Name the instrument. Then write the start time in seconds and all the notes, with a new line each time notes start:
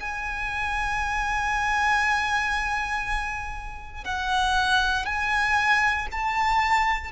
violin
0.00 G#5
4.04 F#5
5.06 G#5
6.12 A5